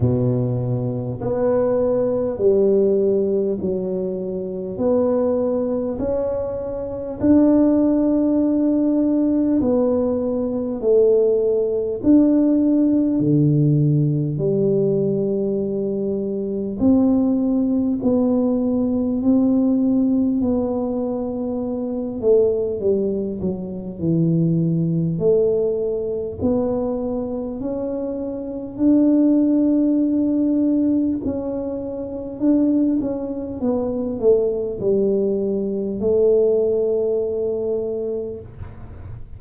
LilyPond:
\new Staff \with { instrumentName = "tuba" } { \time 4/4 \tempo 4 = 50 b,4 b4 g4 fis4 | b4 cis'4 d'2 | b4 a4 d'4 d4 | g2 c'4 b4 |
c'4 b4. a8 g8 fis8 | e4 a4 b4 cis'4 | d'2 cis'4 d'8 cis'8 | b8 a8 g4 a2 | }